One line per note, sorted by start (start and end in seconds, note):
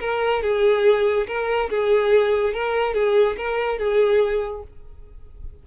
0.00 0.42 A#4
0.42 1.27 G#4
1.27 1.70 A#4
1.70 2.54 G#4
2.54 2.94 A#4
2.94 3.36 G#4
3.37 3.78 A#4
3.78 4.63 G#4